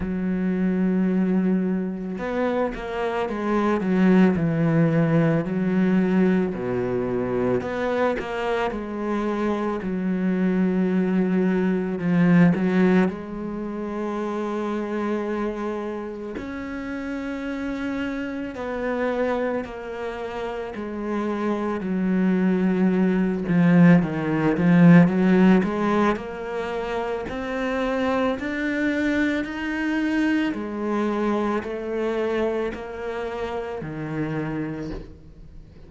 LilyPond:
\new Staff \with { instrumentName = "cello" } { \time 4/4 \tempo 4 = 55 fis2 b8 ais8 gis8 fis8 | e4 fis4 b,4 b8 ais8 | gis4 fis2 f8 fis8 | gis2. cis'4~ |
cis'4 b4 ais4 gis4 | fis4. f8 dis8 f8 fis8 gis8 | ais4 c'4 d'4 dis'4 | gis4 a4 ais4 dis4 | }